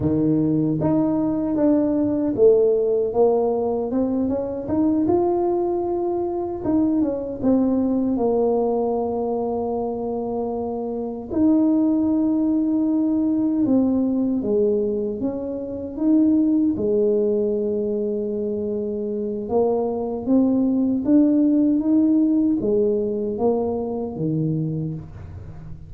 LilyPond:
\new Staff \with { instrumentName = "tuba" } { \time 4/4 \tempo 4 = 77 dis4 dis'4 d'4 a4 | ais4 c'8 cis'8 dis'8 f'4.~ | f'8 dis'8 cis'8 c'4 ais4.~ | ais2~ ais8 dis'4.~ |
dis'4. c'4 gis4 cis'8~ | cis'8 dis'4 gis2~ gis8~ | gis4 ais4 c'4 d'4 | dis'4 gis4 ais4 dis4 | }